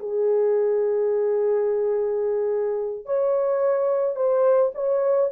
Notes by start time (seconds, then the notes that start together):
0.00 G#4
3.06 C#5
4.16 C5
4.75 C#5